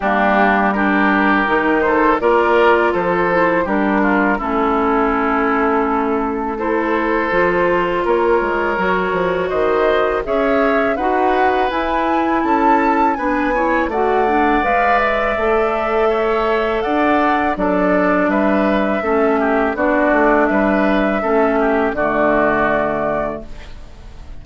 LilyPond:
<<
  \new Staff \with { instrumentName = "flute" } { \time 4/4 \tempo 4 = 82 g'4 ais'4. c''8 d''4 | c''4 ais'4 a'2~ | a'4 c''2 cis''4~ | cis''4 dis''4 e''4 fis''4 |
gis''4 a''4 gis''4 fis''4 | f''8 e''2~ e''8 fis''4 | d''4 e''2 d''4 | e''2 d''2 | }
  \new Staff \with { instrumentName = "oboe" } { \time 4/4 d'4 g'4. a'8 ais'4 | a'4 g'8 f'8 e'2~ | e'4 a'2 ais'4~ | ais'4 c''4 cis''4 b'4~ |
b'4 a'4 b'8 cis''8 d''4~ | d''2 cis''4 d''4 | a'4 b'4 a'8 g'8 fis'4 | b'4 a'8 g'8 fis'2 | }
  \new Staff \with { instrumentName = "clarinet" } { \time 4/4 ais4 d'4 dis'4 f'4~ | f'8 e'8 d'4 cis'2~ | cis'4 e'4 f'2 | fis'2 gis'4 fis'4 |
e'2 d'8 e'8 fis'8 d'8 | b'4 a'2. | d'2 cis'4 d'4~ | d'4 cis'4 a2 | }
  \new Staff \with { instrumentName = "bassoon" } { \time 4/4 g2 dis4 ais4 | f4 g4 a2~ | a2 f4 ais8 gis8 | fis8 f8 dis4 cis'4 dis'4 |
e'4 cis'4 b4 a4 | gis4 a2 d'4 | fis4 g4 a4 b8 a8 | g4 a4 d2 | }
>>